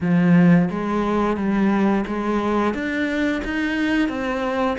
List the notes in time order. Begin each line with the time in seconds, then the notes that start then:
0.00 F3
0.70 G#3
1.36 G3
2.06 G#3
2.74 D4
3.44 D#4
4.08 C4